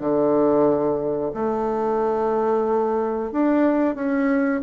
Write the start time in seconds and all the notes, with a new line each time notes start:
0.00 D3
1.34 A3
3.32 D4
3.95 C#4